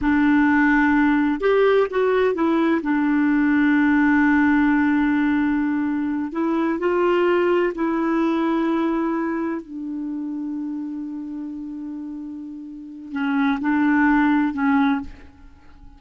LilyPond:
\new Staff \with { instrumentName = "clarinet" } { \time 4/4 \tempo 4 = 128 d'2. g'4 | fis'4 e'4 d'2~ | d'1~ | d'4. e'4 f'4.~ |
f'8 e'2.~ e'8~ | e'8 d'2.~ d'8~ | d'1 | cis'4 d'2 cis'4 | }